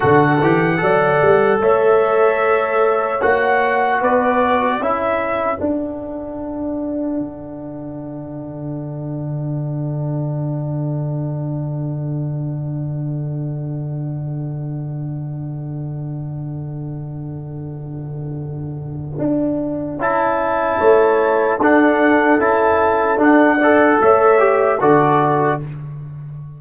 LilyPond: <<
  \new Staff \with { instrumentName = "trumpet" } { \time 4/4 \tempo 4 = 75 fis''2 e''2 | fis''4 d''4 e''4 fis''4~ | fis''1~ | fis''1~ |
fis''1~ | fis''1~ | fis''4 a''2 fis''4 | a''4 fis''4 e''4 d''4 | }
  \new Staff \with { instrumentName = "horn" } { \time 4/4 a'4 d''4 cis''2~ | cis''4 b'4 a'2~ | a'1~ | a'1~ |
a'1~ | a'1~ | a'2 cis''4 a'4~ | a'4. d''8 cis''4 a'4 | }
  \new Staff \with { instrumentName = "trombone" } { \time 4/4 fis'8 g'8 a'2. | fis'2 e'4 d'4~ | d'1~ | d'1~ |
d'1~ | d'1~ | d'4 e'2 d'4 | e'4 d'8 a'4 g'8 fis'4 | }
  \new Staff \with { instrumentName = "tuba" } { \time 4/4 d8 e8 fis8 g8 a2 | ais4 b4 cis'4 d'4~ | d'4 d2.~ | d1~ |
d1~ | d1 | d'4 cis'4 a4 d'4 | cis'4 d'4 a4 d4 | }
>>